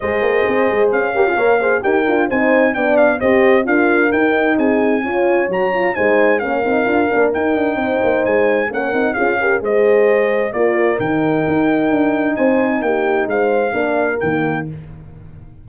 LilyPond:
<<
  \new Staff \with { instrumentName = "trumpet" } { \time 4/4 \tempo 4 = 131 dis''2 f''2 | g''4 gis''4 g''8 f''8 dis''4 | f''4 g''4 gis''2 | ais''4 gis''4 f''2 |
g''2 gis''4 fis''4 | f''4 dis''2 d''4 | g''2. gis''4 | g''4 f''2 g''4 | }
  \new Staff \with { instrumentName = "horn" } { \time 4/4 c''2~ c''8 ais'16 gis'16 cis''8 c''8 | ais'4 c''4 d''4 c''4 | ais'2 gis'4 cis''4~ | cis''4 c''4 ais'2~ |
ais'4 c''2 ais'4 | gis'8 ais'8 c''2 ais'4~ | ais'2. c''4 | g'4 c''4 ais'2 | }
  \new Staff \with { instrumentName = "horn" } { \time 4/4 gis'2~ gis'8 g'16 f'16 ais'8 gis'8 | g'8 f'8 dis'4 d'4 g'4 | f'4 dis'2 f'4 | fis'8 f'8 dis'4 cis'8 dis'8 f'8 d'8 |
dis'2. cis'8 dis'8 | f'8 g'8 gis'2 f'4 | dis'1~ | dis'2 d'4 ais4 | }
  \new Staff \with { instrumentName = "tuba" } { \time 4/4 gis8 ais8 c'8 gis8 cis'4 ais4 | dis'8 d'8 c'4 b4 c'4 | d'4 dis'4 c'4 cis'4 | fis4 gis4 ais8 c'8 d'8 ais8 |
dis'8 d'8 c'8 ais8 gis4 ais8 c'8 | cis'4 gis2 ais4 | dis4 dis'4 d'4 c'4 | ais4 gis4 ais4 dis4 | }
>>